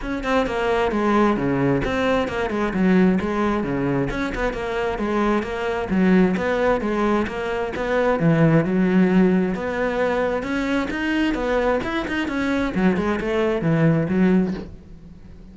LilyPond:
\new Staff \with { instrumentName = "cello" } { \time 4/4 \tempo 4 = 132 cis'8 c'8 ais4 gis4 cis4 | c'4 ais8 gis8 fis4 gis4 | cis4 cis'8 b8 ais4 gis4 | ais4 fis4 b4 gis4 |
ais4 b4 e4 fis4~ | fis4 b2 cis'4 | dis'4 b4 e'8 dis'8 cis'4 | fis8 gis8 a4 e4 fis4 | }